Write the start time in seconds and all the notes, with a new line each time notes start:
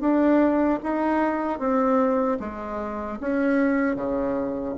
0.00 D4
0.83 D#4
1.59 C4
2.39 G#3
3.20 C#4
3.95 C#3